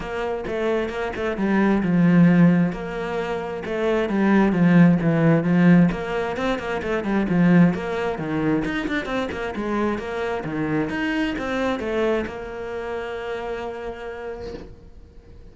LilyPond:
\new Staff \with { instrumentName = "cello" } { \time 4/4 \tempo 4 = 132 ais4 a4 ais8 a8 g4 | f2 ais2 | a4 g4 f4 e4 | f4 ais4 c'8 ais8 a8 g8 |
f4 ais4 dis4 dis'8 d'8 | c'8 ais8 gis4 ais4 dis4 | dis'4 c'4 a4 ais4~ | ais1 | }